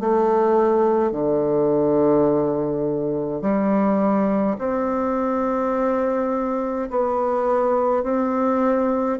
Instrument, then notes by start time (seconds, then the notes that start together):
bassoon
0.00 A3
1.12 D3
3.41 G3
4.58 C4
6.90 B3
8.03 C4